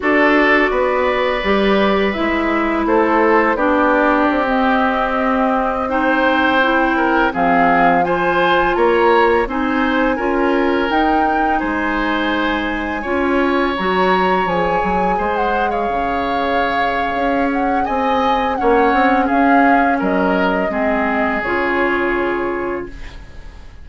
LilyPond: <<
  \new Staff \with { instrumentName = "flute" } { \time 4/4 \tempo 4 = 84 d''2. e''4 | c''4 d''4~ d''16 dis''4.~ dis''16~ | dis''16 g''2 f''4 gis''8.~ | gis''16 ais''4 gis''2 g''8.~ |
g''16 gis''2. ais''8.~ | ais''16 gis''4~ gis''16 fis''8 f''2~ | f''8 fis''8 gis''4 fis''4 f''4 | dis''2 cis''2 | }
  \new Staff \with { instrumentName = "oboe" } { \time 4/4 a'4 b'2. | a'4 g'2.~ | g'16 c''4. ais'8 gis'4 c''8.~ | c''16 cis''4 c''4 ais'4.~ ais'16~ |
ais'16 c''2 cis''4.~ cis''16~ | cis''4~ cis''16 c''8. cis''2~ | cis''4 dis''4 cis''4 gis'4 | ais'4 gis'2. | }
  \new Staff \with { instrumentName = "clarinet" } { \time 4/4 fis'2 g'4 e'4~ | e'4 d'4~ d'16 c'4.~ c'16~ | c'16 dis'4 e'4 c'4 f'8.~ | f'4~ f'16 dis'4 f'4 dis'8.~ |
dis'2~ dis'16 f'4 fis'8.~ | fis'16 gis'2.~ gis'8.~ | gis'2 cis'2~ | cis'4 c'4 f'2 | }
  \new Staff \with { instrumentName = "bassoon" } { \time 4/4 d'4 b4 g4 gis4 | a4 b4 c'2~ | c'2~ c'16 f4.~ f16~ | f16 ais4 c'4 cis'4 dis'8.~ |
dis'16 gis2 cis'4 fis8.~ | fis16 f8 fis8 gis4 cis4.~ cis16 | cis'4 c'4 ais8 c'8 cis'4 | fis4 gis4 cis2 | }
>>